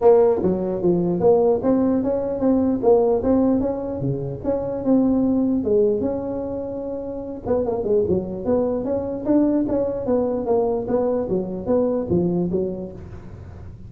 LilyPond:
\new Staff \with { instrumentName = "tuba" } { \time 4/4 \tempo 4 = 149 ais4 fis4 f4 ais4 | c'4 cis'4 c'4 ais4 | c'4 cis'4 cis4 cis'4 | c'2 gis4 cis'4~ |
cis'2~ cis'8 b8 ais8 gis8 | fis4 b4 cis'4 d'4 | cis'4 b4 ais4 b4 | fis4 b4 f4 fis4 | }